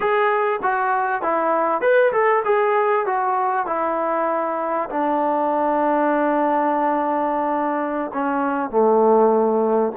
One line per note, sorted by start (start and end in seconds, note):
0.00 0.60 G#4
0.62 1.22 F#4
1.22 1.81 E4
1.81 2.12 B4
2.12 2.43 A4
2.44 3.06 G#4
3.06 3.66 F#4
3.66 4.89 E4
4.89 8.11 D4
8.13 8.70 C#4
8.70 9.92 A3